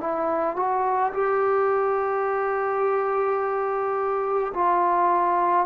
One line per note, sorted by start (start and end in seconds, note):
0.00 0.56 E4
0.56 1.13 F#4
1.14 4.53 G4
4.54 5.67 F4